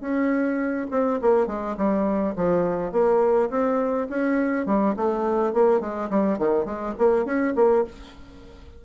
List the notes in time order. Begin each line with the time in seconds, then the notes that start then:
0.00 C#4
0.90 C4
1.21 A#3
1.47 G#3
1.77 G3
2.36 F3
2.92 A#3
3.50 C4
4.09 C#4
4.66 G3
4.96 A3
5.53 A#3
5.80 G#3
6.10 G3
6.38 D#3
6.65 G#3
6.98 A#3
7.25 C#4
7.56 A#3